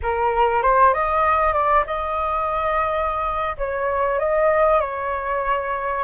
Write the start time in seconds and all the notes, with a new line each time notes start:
0.02 A#4
0.62 C5
0.93 D#5
1.53 D5
1.86 D#5
3.57 C#5
4.19 D#5
4.80 C#5